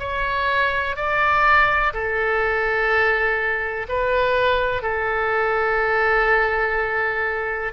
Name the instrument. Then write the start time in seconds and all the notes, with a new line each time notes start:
oboe
0.00 C#5
0.97 D5
1.94 A4
3.89 B4
4.83 A4